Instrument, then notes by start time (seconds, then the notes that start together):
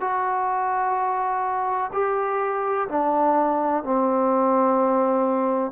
trombone
0.00 F#4
1.92 G4
2.88 D4
3.84 C4